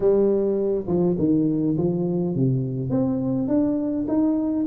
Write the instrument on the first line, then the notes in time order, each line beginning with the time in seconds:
tuba
0.00 G3
0.87 F3
1.18 D#3
1.77 F3
2.35 C3
2.90 C4
3.47 D4
4.08 D#4